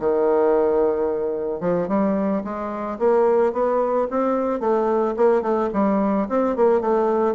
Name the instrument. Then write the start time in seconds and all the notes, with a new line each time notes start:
bassoon
0.00 D#3
1.61 F3
1.88 G3
2.44 G#3
2.99 A#3
3.53 B3
4.11 C4
4.60 A3
5.17 A#3
5.42 A3
5.74 G3
6.29 C4
6.56 A#3
6.81 A3